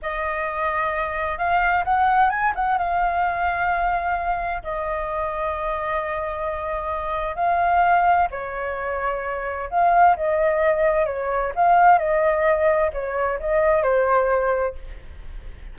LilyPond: \new Staff \with { instrumentName = "flute" } { \time 4/4 \tempo 4 = 130 dis''2. f''4 | fis''4 gis''8 fis''8 f''2~ | f''2 dis''2~ | dis''1 |
f''2 cis''2~ | cis''4 f''4 dis''2 | cis''4 f''4 dis''2 | cis''4 dis''4 c''2 | }